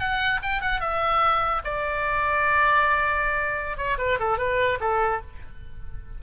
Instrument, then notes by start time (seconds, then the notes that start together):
oboe
0.00 F#5
0.43 G5
0.62 F#5
0.81 E5
1.65 D5
3.77 C#5
3.98 B4
4.20 A4
4.38 B4
4.81 A4